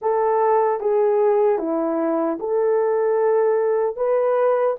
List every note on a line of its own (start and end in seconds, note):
0.01 0.80 A4
0.80 1.58 G#4
1.58 2.38 E4
2.39 3.96 A4
3.96 4.76 B4